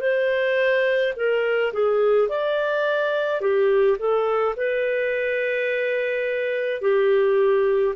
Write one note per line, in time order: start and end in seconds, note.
0.00 1.13 C5
1.16 1.72 A#4
1.73 2.28 G#4
2.28 3.41 D5
3.41 3.97 G4
3.98 4.55 A4
4.56 6.81 B4
6.81 7.95 G4